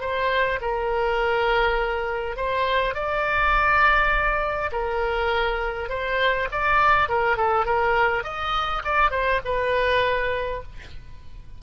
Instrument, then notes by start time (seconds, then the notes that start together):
oboe
0.00 C5
0.61 A#4
2.36 C5
2.94 D5
4.72 A#4
5.89 C5
6.51 D5
7.08 A#4
7.36 A4
7.66 A#4
8.24 D#5
8.84 D5
9.11 C5
9.44 B4